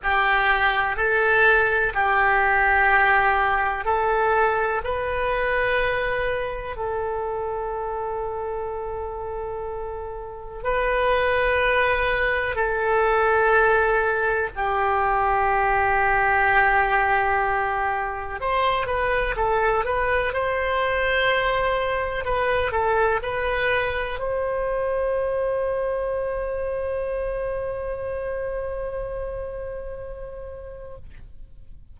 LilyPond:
\new Staff \with { instrumentName = "oboe" } { \time 4/4 \tempo 4 = 62 g'4 a'4 g'2 | a'4 b'2 a'4~ | a'2. b'4~ | b'4 a'2 g'4~ |
g'2. c''8 b'8 | a'8 b'8 c''2 b'8 a'8 | b'4 c''2.~ | c''1 | }